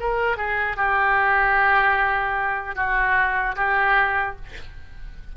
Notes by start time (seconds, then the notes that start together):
0.00 A#4
0.37 G#4
0.77 G4
2.76 F#4
3.56 G4